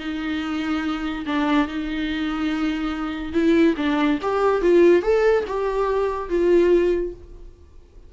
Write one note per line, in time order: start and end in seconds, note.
0.00 1.26 D#4
1.27 1.68 D4
1.68 3.33 D#4
3.33 3.75 E4
3.77 4.19 D4
4.23 4.62 G4
4.62 5.03 F4
5.03 5.45 A4
5.48 6.30 G4
6.30 7.13 F4